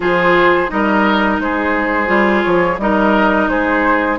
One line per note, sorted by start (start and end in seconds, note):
0.00 0.70 F3
0.00 0.67 F4
0.00 0.70 G#4
0.00 0.70 C5
0.67 1.39 G3
0.67 2.06 D#4
0.67 1.42 A#4
0.67 1.40 D#5
1.39 2.08 G#3
1.39 2.81 G#4
1.39 2.43 C5
2.06 2.43 G3
2.06 2.76 F4
2.43 2.78 F3
2.43 2.78 C#5
2.78 3.48 G3
2.78 4.19 D#4
2.78 3.49 A#4
2.78 3.49 D#5
3.48 4.18 G#3
3.48 4.19 G#4
3.48 4.18 C5